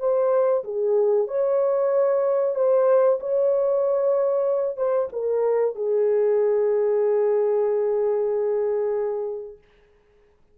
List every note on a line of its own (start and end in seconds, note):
0.00 0.64 C5
0.65 1.28 G#4
1.28 2.56 C#5
2.56 3.19 C5
3.21 4.77 C#5
4.77 5.09 C5
5.13 5.76 A#4
5.76 9.59 G#4